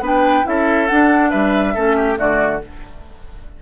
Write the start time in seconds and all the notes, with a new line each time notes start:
0.00 B3 D4 B4
0.06 G5
0.44 C#4 E4 A4 E5
0.88 D4 F#5
1.30 G3 B4 E5
1.74 A3 C#4 A4
1.96 G4
2.16 D3 A3 F#4 D5